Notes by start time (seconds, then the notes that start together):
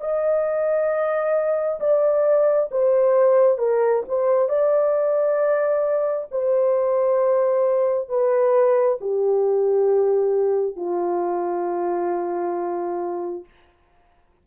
0.00 D#5
1.80 D5
2.71 C5
3.58 A#4
4.08 C5
4.48 D5
6.31 C5
8.08 B4
9.00 G4
10.76 F4